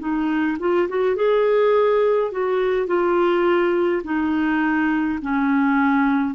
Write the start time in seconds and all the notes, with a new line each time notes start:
0.00 D#4
0.60 F4
0.89 F#4
1.16 G#4
2.32 F#4
2.87 F4
4.04 D#4
5.22 C#4